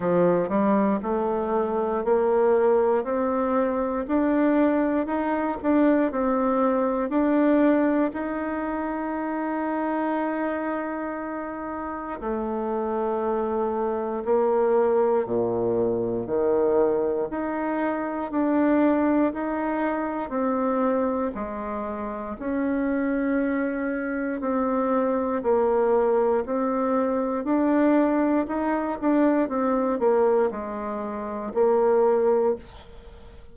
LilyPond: \new Staff \with { instrumentName = "bassoon" } { \time 4/4 \tempo 4 = 59 f8 g8 a4 ais4 c'4 | d'4 dis'8 d'8 c'4 d'4 | dis'1 | a2 ais4 ais,4 |
dis4 dis'4 d'4 dis'4 | c'4 gis4 cis'2 | c'4 ais4 c'4 d'4 | dis'8 d'8 c'8 ais8 gis4 ais4 | }